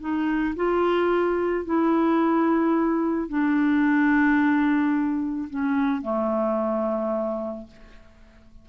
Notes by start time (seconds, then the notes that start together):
0.00 D#4
0.56 F4
1.65 E4
3.29 D4
5.50 C#4
6.02 A3